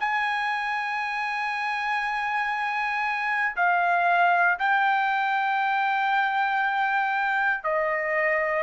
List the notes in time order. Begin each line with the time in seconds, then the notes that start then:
0.00 G#5
3.56 F5
4.59 G5
7.64 D#5